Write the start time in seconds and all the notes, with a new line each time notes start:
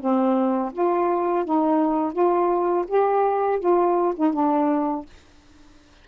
0.00 C4
0.73 F4
1.45 D#4
2.13 F4
2.88 G4
3.60 F4
4.16 D#4
4.33 D4